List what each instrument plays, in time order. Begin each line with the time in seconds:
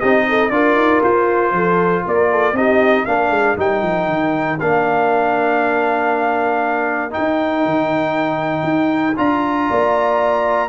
0.00 tuba C4, trombone D#4, horn G4, trumpet D#5
0.28 horn A4
0.50 tuba D4, trombone F4, horn A#4, trumpet D5
0.75 tuba D#4
1.03 tuba F4, trumpet C5
1.52 tuba F3, horn A4
2.05 tuba A#3, horn A#4, trumpet D5
2.31 horn A4
2.52 tuba C4, trombone D#4, horn G4, trumpet D#5
3.05 tuba A#3, trombone D4, horn A#4, trumpet F5
3.30 tuba G#3
3.57 tuba G3, trombone D#4, trumpet G5
3.82 tuba F3
4.07 tuba D#3
4.60 tuba A#3, trombone D4, trumpet F5
7.10 trombone D#4, trumpet G5
7.18 tuba D#4
7.65 tuba D#3
8.63 tuba D#4
9.16 tuba D4, trombone F4, trumpet A#5
9.69 tuba A#3, horn D5